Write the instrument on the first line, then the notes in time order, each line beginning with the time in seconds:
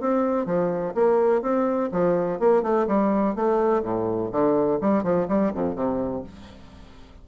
bassoon
0.00 C4
0.46 F3
0.94 A#3
1.41 C4
1.92 F3
2.39 A#3
2.62 A3
2.87 G3
3.35 A3
3.82 A2
4.31 D3
4.81 G3
5.03 F3
5.28 G3
5.54 F2
5.75 C3